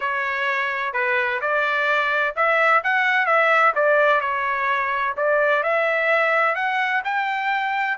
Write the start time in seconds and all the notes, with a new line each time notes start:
0.00 C#5
0.93 B4
1.41 D5
2.36 E5
2.83 F#5
3.26 E5
3.75 D5
4.21 C#5
5.16 D5
5.63 E5
6.55 F#5
7.04 G5